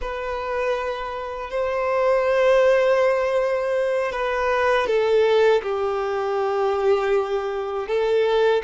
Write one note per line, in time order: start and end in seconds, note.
0.01 1.50 B4
1.50 4.11 C5
4.11 4.86 B4
4.86 5.61 A4
5.62 7.87 G4
7.87 8.62 A4